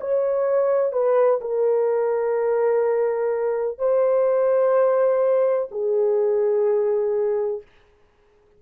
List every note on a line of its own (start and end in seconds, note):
0.00 0.92 C#5
0.92 1.40 B4
1.41 3.78 A#4
3.78 5.68 C5
5.71 7.61 G#4